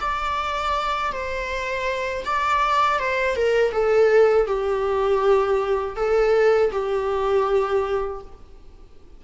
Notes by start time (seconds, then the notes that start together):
0.00 D5
1.12 C5
2.25 D5
2.99 C5
3.36 A#4
3.72 A4
4.47 G4
5.96 A4
6.72 G4